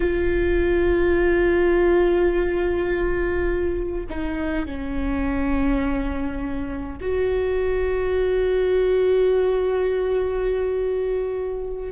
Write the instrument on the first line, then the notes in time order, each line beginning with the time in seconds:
viola
0.00 F4
4.09 D#4
4.65 C#4
7.01 F#4